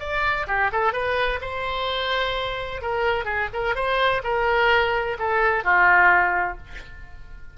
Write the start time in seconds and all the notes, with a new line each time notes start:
0.00 D5
0.48 G4
0.72 A4
0.93 B4
1.41 C5
2.82 A#4
3.25 G#4
3.54 A#4
3.76 C5
4.24 A#4
5.19 A4
5.64 F4